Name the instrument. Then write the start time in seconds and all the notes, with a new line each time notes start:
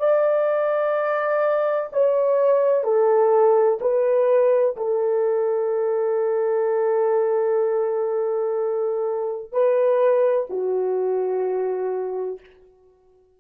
horn
0.00 D5
1.93 C#5
2.84 A4
3.81 B4
4.77 A4
9.52 B4
10.50 F#4